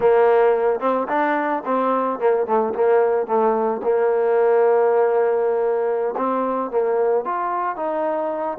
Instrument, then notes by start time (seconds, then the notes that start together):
trombone
0.00 A#3
0.80 C4
1.08 D4
1.65 C4
2.19 A#3
2.46 A3
2.74 A#3
3.26 A3
3.83 A#3
6.16 C4
6.70 A#3
7.24 F4
7.76 D#4